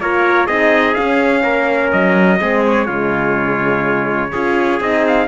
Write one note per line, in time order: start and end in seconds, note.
0.00 0.48 A#3
0.00 0.49 F4
0.00 0.46 A#4
0.00 0.47 C#5
0.46 0.96 C4
0.46 0.96 D#4
0.46 1.42 G#4
0.46 0.94 D#5
0.94 2.40 C#4
0.94 1.44 C#4
0.94 1.90 F5
1.43 1.92 A#3
1.43 2.39 A#4
1.92 2.41 F#3
1.92 2.64 D#5
2.40 2.89 G#3
2.40 2.88 C4
2.40 2.86 G#4
2.67 4.82 C#5
2.86 4.33 C#3
2.86 4.32 G#3
2.86 4.30 F4
4.32 4.80 C#4
4.32 4.81 F4
4.32 5.28 G#4
4.80 5.28 C4
4.80 5.28 D#4
4.80 5.05 D#5
5.07 5.28 F5